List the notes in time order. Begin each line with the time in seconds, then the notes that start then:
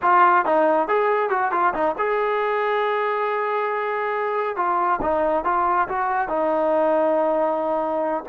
0.02 F4
0.45 D#4
0.88 G#4
1.29 F#4
1.51 F4
1.74 D#4
1.97 G#4
4.56 F4
5.01 D#4
5.44 F4
5.88 F#4
6.28 D#4